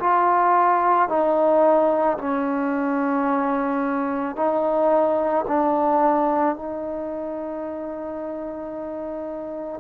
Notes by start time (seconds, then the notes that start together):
0.00 F4
1.09 D#4
2.19 C#4
4.37 D#4
5.48 D4
6.56 D#4